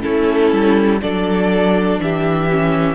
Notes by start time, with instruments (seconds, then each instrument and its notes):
0.00 cello A3, viola C#4, violin E4 A4
0.52 cello G3
1.01 cello F#3, viola D4, violin A4 D5
1.98 cello E3, violin G4 E5
2.51 viola C#4